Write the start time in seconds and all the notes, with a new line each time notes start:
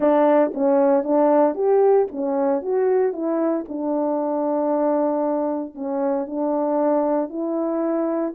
0.00 D4
0.54 C#4
1.03 D4
1.54 G4
2.11 C#4
2.61 F#4
3.12 E4
3.68 D4
5.74 C#4
6.26 D4
7.29 E4